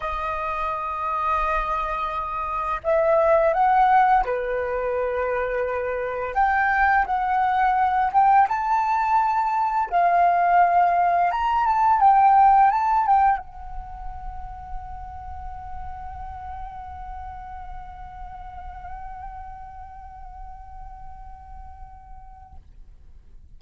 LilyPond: \new Staff \with { instrumentName = "flute" } { \time 4/4 \tempo 4 = 85 dis''1 | e''4 fis''4 b'2~ | b'4 g''4 fis''4. g''8 | a''2 f''2 |
ais''8 a''8 g''4 a''8 g''8 fis''4~ | fis''1~ | fis''1~ | fis''1 | }